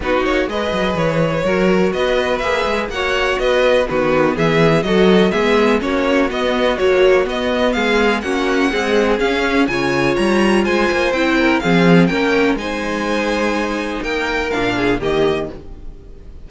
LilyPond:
<<
  \new Staff \with { instrumentName = "violin" } { \time 4/4 \tempo 4 = 124 b'8 cis''8 dis''4 cis''2 | dis''4 e''4 fis''4 dis''4 | b'4 e''4 dis''4 e''4 | cis''4 dis''4 cis''4 dis''4 |
f''4 fis''2 f''4 | gis''4 ais''4 gis''4 g''4 | f''4 g''4 gis''2~ | gis''4 g''4 f''4 dis''4 | }
  \new Staff \with { instrumentName = "violin" } { \time 4/4 fis'4 b'2 ais'4 | b'2 cis''4 b'4 | fis'4 gis'4 a'4 gis'4 | fis'1 |
gis'4 fis'4 gis'2 | cis''2 c''4. ais'8 | gis'4 ais'4 c''2~ | c''4 ais'4. gis'8 g'4 | }
  \new Staff \with { instrumentName = "viola" } { \time 4/4 dis'4 gis'2 fis'4~ | fis'4 gis'4 fis'2 | b2 fis'4 b4 | cis'4 b4 fis4 b4~ |
b4 cis'4 gis4 cis'4 | f'2. e'4 | c'4 cis'4 dis'2~ | dis'2 d'4 ais4 | }
  \new Staff \with { instrumentName = "cello" } { \time 4/4 b8 ais8 gis8 fis8 e4 fis4 | b4 ais8 gis8 ais4 b4 | dis4 e4 fis4 gis4 | ais4 b4 ais4 b4 |
gis4 ais4 c'4 cis'4 | cis4 g4 gis8 ais8 c'4 | f4 ais4 gis2~ | gis4 ais4 ais,4 dis4 | }
>>